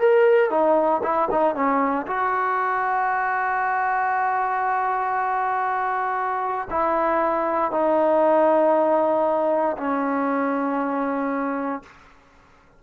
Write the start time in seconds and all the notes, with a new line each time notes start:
0.00 A#4
0.51 D#4
1.03 E4
1.32 D#4
1.55 C#4
2.07 F#4
6.71 E4
7.72 D#4
9.78 C#4